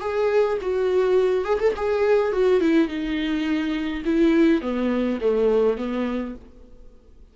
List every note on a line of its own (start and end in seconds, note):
0.00 0.58 G#4
0.61 1.44 F#4
1.44 1.59 G#4
1.59 1.74 A4
1.76 2.32 G#4
2.32 2.60 F#4
2.60 2.88 E4
2.88 4.03 D#4
4.05 4.61 E4
4.61 5.19 B3
5.21 5.77 A3
5.77 6.35 B3